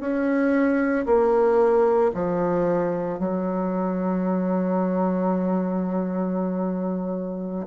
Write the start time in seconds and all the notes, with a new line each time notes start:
0.00 C#4
1.06 A#3
2.14 F3
3.19 F#3